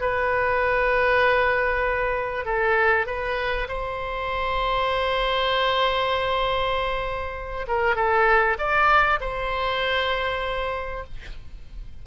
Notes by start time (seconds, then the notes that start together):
0.00 B4
2.45 A4
3.06 B4
3.68 C5
7.67 A#4
7.95 A4
8.58 D5
9.20 C5